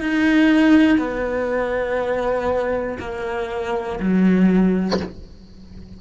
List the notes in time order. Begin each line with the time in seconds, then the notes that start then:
0.00 D#4
0.99 B3
3.00 A#3
4.00 F#3